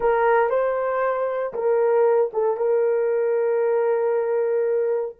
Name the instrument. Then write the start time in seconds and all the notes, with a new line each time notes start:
horn
0.00 A#4
0.49 C5
1.53 A#4
2.33 A4
2.56 A#4